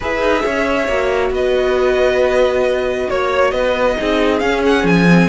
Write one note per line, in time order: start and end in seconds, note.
0.00 0.21 E4
0.00 0.88 G#4
0.00 0.43 B4
0.00 1.34 E5
0.21 0.43 D#4
0.44 0.87 C#4
0.44 1.32 C#5
0.87 1.30 A#3
0.87 3.96 F#4
1.30 3.06 B3
1.30 3.09 B4
1.30 3.10 D#5
3.09 3.52 A#3
3.09 3.53 C#5
3.09 3.51 C#5
3.51 3.96 B3
3.51 3.97 B4
3.51 4.39 D#5
3.96 4.41 C4
3.96 4.40 D#4
3.96 5.29 G#4
4.39 5.06 C#4
4.39 4.83 C#4
4.39 4.61 F5
4.65 4.86 F#5
4.83 5.27 F3
4.83 5.29 G#5
5.09 5.29 C4